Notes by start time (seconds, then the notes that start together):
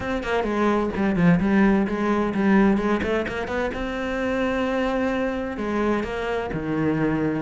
0.00 C4
0.23 A#3
0.43 G#3
0.96 G3
1.16 F3
1.40 G3
1.87 G#3
2.34 G3
2.77 G#3
3.02 A3
3.27 A#3
3.47 B3
3.74 C4
5.57 G#3
6.03 A#3
6.53 D#3